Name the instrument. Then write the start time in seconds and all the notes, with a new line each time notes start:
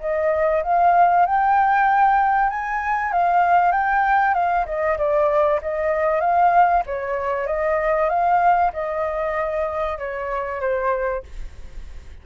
flute
0.00 D#5
0.63 F5
1.26 G5
2.50 G#5
3.12 F5
3.72 G5
4.34 F5
4.66 D#5
4.98 D5
5.62 D#5
6.20 F5
6.86 C#5
7.47 D#5
8.09 F5
8.73 D#5
9.98 C#5
10.61 C5